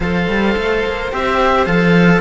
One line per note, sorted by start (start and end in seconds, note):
0.00 0.28 F3
0.00 1.12 A4
0.00 2.20 C5
0.00 1.10 F5
0.28 0.55 G3
0.56 0.84 A3
0.85 1.12 A#3
1.12 1.66 C4
1.12 1.66 G4
1.12 1.66 E5
1.66 2.20 F3
1.66 2.20 A4
1.66 2.20 F5